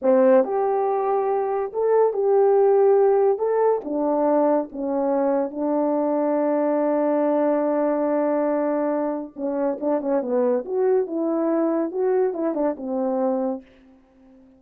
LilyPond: \new Staff \with { instrumentName = "horn" } { \time 4/4 \tempo 4 = 141 c'4 g'2. | a'4 g'2. | a'4 d'2 cis'4~ | cis'4 d'2.~ |
d'1~ | d'2 cis'4 d'8 cis'8 | b4 fis'4 e'2 | fis'4 e'8 d'8 c'2 | }